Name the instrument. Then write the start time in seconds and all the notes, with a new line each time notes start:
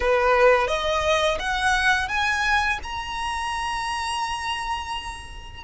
violin
0.00 B4
0.67 D#5
1.39 F#5
2.08 G#5
2.83 A#5